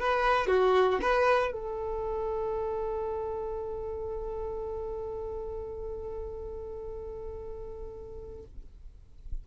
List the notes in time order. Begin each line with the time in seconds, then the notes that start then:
0.00 B4
0.48 F#4
1.02 B4
1.53 A4